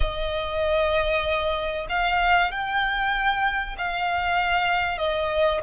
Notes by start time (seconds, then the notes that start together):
0.00 D#5
1.89 F5
2.51 G5
3.78 F5
4.98 D#5